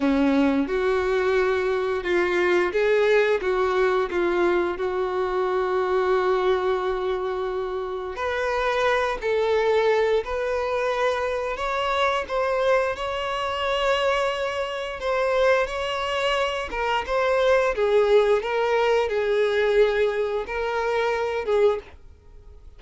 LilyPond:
\new Staff \with { instrumentName = "violin" } { \time 4/4 \tempo 4 = 88 cis'4 fis'2 f'4 | gis'4 fis'4 f'4 fis'4~ | fis'1 | b'4. a'4. b'4~ |
b'4 cis''4 c''4 cis''4~ | cis''2 c''4 cis''4~ | cis''8 ais'8 c''4 gis'4 ais'4 | gis'2 ais'4. gis'8 | }